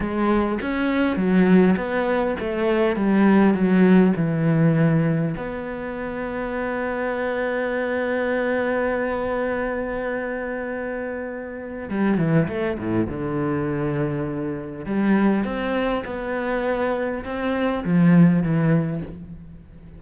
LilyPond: \new Staff \with { instrumentName = "cello" } { \time 4/4 \tempo 4 = 101 gis4 cis'4 fis4 b4 | a4 g4 fis4 e4~ | e4 b2.~ | b1~ |
b1 | g8 e8 a8 a,8 d2~ | d4 g4 c'4 b4~ | b4 c'4 f4 e4 | }